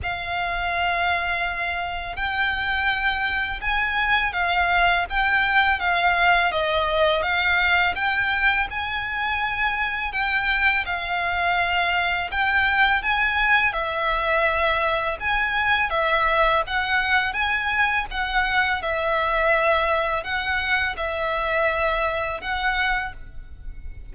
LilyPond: \new Staff \with { instrumentName = "violin" } { \time 4/4 \tempo 4 = 83 f''2. g''4~ | g''4 gis''4 f''4 g''4 | f''4 dis''4 f''4 g''4 | gis''2 g''4 f''4~ |
f''4 g''4 gis''4 e''4~ | e''4 gis''4 e''4 fis''4 | gis''4 fis''4 e''2 | fis''4 e''2 fis''4 | }